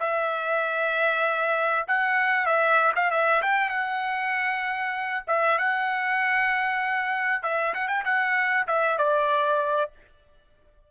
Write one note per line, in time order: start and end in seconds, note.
0.00 1.86 E5
1.88 2.46 F#5
2.46 2.92 E5
2.96 3.11 F5
3.11 3.42 E5
3.42 3.70 G5
3.70 5.24 F#5
5.27 5.58 E5
5.59 7.43 F#5
7.43 7.74 E5
7.74 7.88 F#5
7.88 8.04 G5
8.05 8.67 F#5
8.68 8.98 E5
8.98 9.91 D5